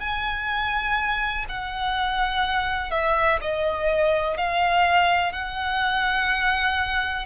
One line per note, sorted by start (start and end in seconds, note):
0.00 1.45 G#5
1.49 2.91 F#5
2.91 3.39 E5
3.41 4.37 D#5
4.37 5.32 F5
5.32 7.26 F#5